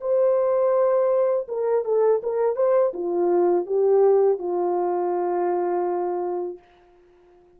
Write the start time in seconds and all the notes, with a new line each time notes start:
0.00 C5
1.48 A#4
1.84 A4
2.23 A#4
2.56 C5
2.93 F4
3.66 G4
4.38 F4